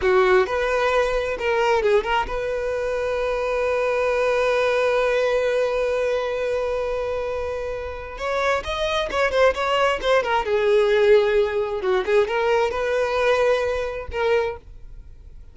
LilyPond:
\new Staff \with { instrumentName = "violin" } { \time 4/4 \tempo 4 = 132 fis'4 b'2 ais'4 | gis'8 ais'8 b'2.~ | b'1~ | b'1~ |
b'2 cis''4 dis''4 | cis''8 c''8 cis''4 c''8 ais'8 gis'4~ | gis'2 fis'8 gis'8 ais'4 | b'2. ais'4 | }